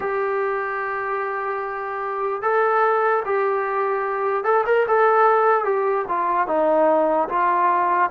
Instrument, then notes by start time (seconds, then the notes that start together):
trombone
0.00 G4
2.42 A4
3.25 G4
4.44 A4
4.65 A#4
4.87 A4
5.64 G4
6.08 F4
6.47 D#4
7.29 F4